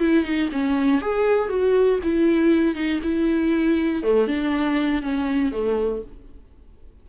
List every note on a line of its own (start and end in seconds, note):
0.00 0.25 E4
0.25 0.50 D#4
0.52 1.02 C#4
1.02 1.49 G#4
1.49 2.00 F#4
2.04 2.75 E4
2.75 3.00 D#4
3.03 4.03 E4
4.03 4.28 A3
4.28 5.02 D4
5.02 5.52 C#4
5.52 6.03 A3